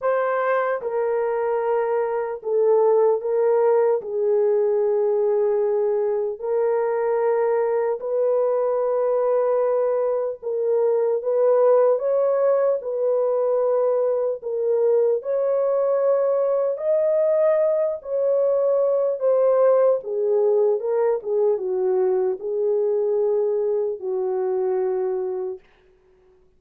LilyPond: \new Staff \with { instrumentName = "horn" } { \time 4/4 \tempo 4 = 75 c''4 ais'2 a'4 | ais'4 gis'2. | ais'2 b'2~ | b'4 ais'4 b'4 cis''4 |
b'2 ais'4 cis''4~ | cis''4 dis''4. cis''4. | c''4 gis'4 ais'8 gis'8 fis'4 | gis'2 fis'2 | }